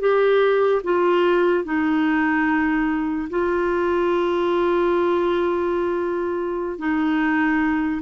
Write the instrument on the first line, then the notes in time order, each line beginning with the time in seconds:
clarinet
0.00 G4
0.84 F4
1.65 D#4
3.30 F4
6.79 D#4